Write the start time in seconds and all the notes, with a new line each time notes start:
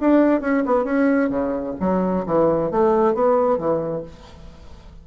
0.00 D4
0.40 C#4
0.66 B3
0.84 C#4
1.29 C#3
1.80 F#3
2.26 E3
2.71 A3
3.14 B3
3.57 E3